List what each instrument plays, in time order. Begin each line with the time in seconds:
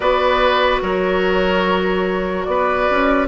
0.00 bassoon B3, clarinet F#4, oboe B4, flute D5
0.82 bassoon F#3, oboe A#4, flute C#5
2.44 bassoon B3, flute D5
2.50 oboe B4
2.90 bassoon C#4